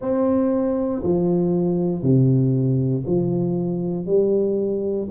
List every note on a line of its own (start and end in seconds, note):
0.00 1.02 C4
1.03 2.02 F3
2.02 3.04 C3
3.06 4.05 F3
4.05 5.07 G3